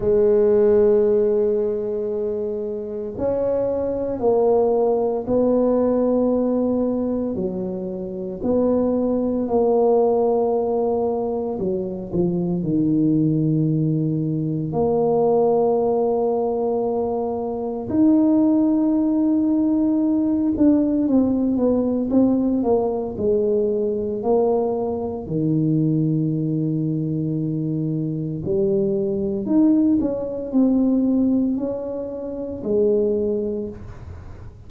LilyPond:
\new Staff \with { instrumentName = "tuba" } { \time 4/4 \tempo 4 = 57 gis2. cis'4 | ais4 b2 fis4 | b4 ais2 fis8 f8 | dis2 ais2~ |
ais4 dis'2~ dis'8 d'8 | c'8 b8 c'8 ais8 gis4 ais4 | dis2. g4 | dis'8 cis'8 c'4 cis'4 gis4 | }